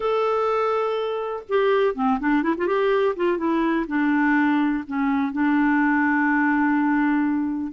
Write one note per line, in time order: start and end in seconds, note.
0.00 1.43 A4
1.49 1.94 G4
1.94 2.18 C4
2.19 2.42 D4
2.42 2.54 E4
2.57 2.67 F4
2.67 3.15 G4
3.16 3.37 F4
3.37 3.86 E4
3.87 4.83 D4
4.87 5.32 C#4
5.32 7.72 D4